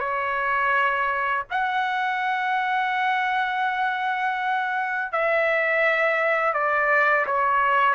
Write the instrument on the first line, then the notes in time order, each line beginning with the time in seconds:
trumpet
0.00 C#5
1.51 F#5
5.12 E5
6.54 D5
7.27 C#5